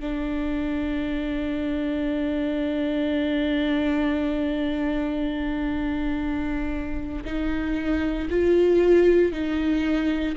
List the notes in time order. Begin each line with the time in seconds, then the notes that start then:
0.00 D4
7.25 D#4
8.30 F4
9.32 D#4